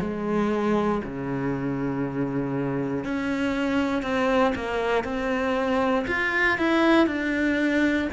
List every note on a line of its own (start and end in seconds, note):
0.00 1.02 G#3
1.04 3.04 C#3
3.04 4.03 C#4
4.03 4.53 C4
4.55 5.04 A#3
5.04 6.06 C4
6.07 6.58 F4
6.58 7.07 E4
7.07 8.08 D4